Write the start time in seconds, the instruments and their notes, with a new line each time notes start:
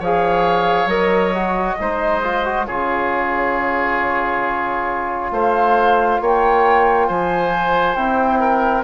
0.00 bassoon F3, trombone G#4, oboe C#5, flute F5
0.86 bassoon F#3, trombone A#4, flute D#5
1.35 trombone F#4
1.79 bassoon G#3, trombone D#4, oboe C5
2.23 trombone F4
2.45 trombone F#4
2.66 bassoon C#3, trombone F4, oboe G#4, flute C#5
5.31 bassoon A3, oboe C5, flute F5
6.21 bassoon A#3, oboe C#5, flute G5
7.08 bassoon F3, oboe C5, flute G#5
7.95 bassoon C4, trombone E4, flute G5
8.40 oboe A#4